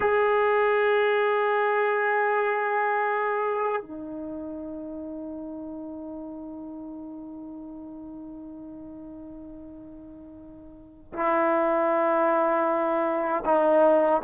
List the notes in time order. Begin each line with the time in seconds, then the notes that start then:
0.00 G#4
3.82 D#4
11.13 E4
13.45 D#4